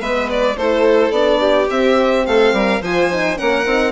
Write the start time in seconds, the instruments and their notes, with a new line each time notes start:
0.00 bassoon G#3, horn B3, violin B4 E5
0.30 violin D5
0.57 bassoon A3, horn E4, violin A4 C5
1.11 bassoon B3, horn D4, violin D5
1.40 violin G4
1.70 bassoon C4, horn C4, violin E5
2.26 bassoon A3, violin A4 F5
2.52 bassoon G3, violin A#4
2.81 bassoon F3, horn F4, violin C5 G#5
3.11 horn D#4
3.36 bassoon A#3, horn C#4, violin A#4 F#5
3.65 bassoon C4, horn D#4